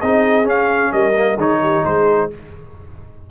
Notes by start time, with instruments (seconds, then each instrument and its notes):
0.00 tuba C4, trombone D#4, horn G#4, trumpet D#5
0.44 trombone C#4, tuba C#4, trumpet F5
0.93 tuba G3, horn A#4, trumpet D#5
1.15 trombone A#3
1.35 tuba D#3, trombone D#4, horn G#4, trumpet C#5
1.62 horn G4
1.84 tuba G#3, horn G#4, trumpet C5